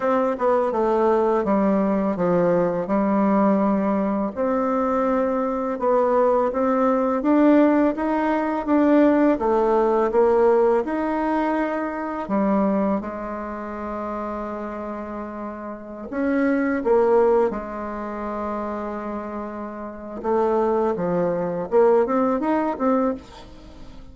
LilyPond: \new Staff \with { instrumentName = "bassoon" } { \time 4/4 \tempo 4 = 83 c'8 b8 a4 g4 f4 | g2 c'2 | b4 c'4 d'4 dis'4 | d'4 a4 ais4 dis'4~ |
dis'4 g4 gis2~ | gis2~ gis16 cis'4 ais8.~ | ais16 gis2.~ gis8. | a4 f4 ais8 c'8 dis'8 c'8 | }